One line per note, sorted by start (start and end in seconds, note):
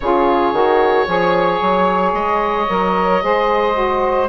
0.00 0.52 C#3
0.00 0.53 F4
0.00 1.08 G#4
0.00 2.11 C#5
0.52 1.06 D#3
0.52 1.06 F#4
1.06 1.60 F3
1.06 2.67 G#4
1.06 3.23 C#5
1.61 2.13 F#3
2.13 2.66 G#3
2.13 4.29 D#5
2.68 3.22 F#3
2.68 3.21 A#4
3.21 4.29 G#3
3.21 3.73 G#4
3.21 4.29 C5
3.73 4.27 F#4